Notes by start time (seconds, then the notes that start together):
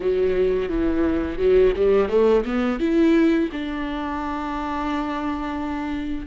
0.00 F#3
0.68 E3
1.38 F#3
1.76 G3
2.09 A3
2.45 B3
2.79 E4
3.51 D4